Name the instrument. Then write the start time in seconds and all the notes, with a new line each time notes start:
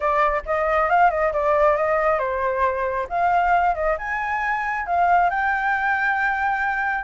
flute
0.00 D5
0.45 D#5
0.89 F5
1.10 D#5
1.32 D5
1.76 D#5
2.18 C5
3.09 F5
3.74 D#5
3.98 G#5
4.86 F5
5.30 G5